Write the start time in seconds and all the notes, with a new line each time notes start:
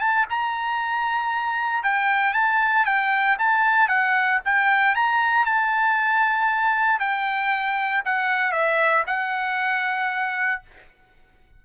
0.00 A5
0.30 A#5
1.83 G5
2.34 A5
2.85 G5
3.39 A5
3.88 F#5
4.45 G5
4.95 A#5
5.45 A5
6.99 G5
8.05 F#5
8.52 E5
9.07 F#5